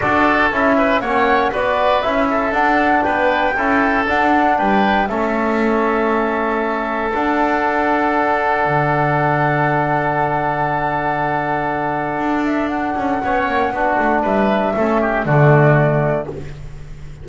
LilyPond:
<<
  \new Staff \with { instrumentName = "flute" } { \time 4/4 \tempo 4 = 118 d''4 e''4 fis''4 d''4 | e''4 fis''4 g''2 | fis''4 g''4 e''2~ | e''2 fis''2~ |
fis''1~ | fis''1~ | fis''8 e''8 fis''2. | e''2 d''2 | }
  \new Staff \with { instrumentName = "oboe" } { \time 4/4 a'4. b'8 cis''4 b'4~ | b'8 a'4. b'4 a'4~ | a'4 b'4 a'2~ | a'1~ |
a'1~ | a'1~ | a'2 cis''4 fis'4 | b'4 a'8 g'8 fis'2 | }
  \new Staff \with { instrumentName = "trombone" } { \time 4/4 fis'4 e'4 cis'4 fis'4 | e'4 d'2 e'4 | d'2 cis'2~ | cis'2 d'2~ |
d'1~ | d'1~ | d'2 cis'4 d'4~ | d'4 cis'4 a2 | }
  \new Staff \with { instrumentName = "double bass" } { \time 4/4 d'4 cis'4 ais4 b4 | cis'4 d'4 b4 cis'4 | d'4 g4 a2~ | a2 d'2~ |
d'4 d2.~ | d1 | d'4. cis'8 b8 ais8 b8 a8 | g4 a4 d2 | }
>>